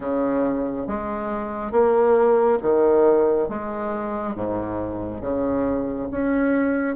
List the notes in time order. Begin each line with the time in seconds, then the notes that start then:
0.00 C#3
0.87 G#3
1.71 A#3
2.62 D#3
3.49 G#3
4.35 G#2
5.21 C#3
6.10 C#4